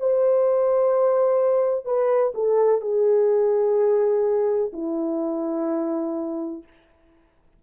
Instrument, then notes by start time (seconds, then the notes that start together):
horn
0.00 C5
1.85 B4
2.35 A4
2.81 G#4
4.73 E4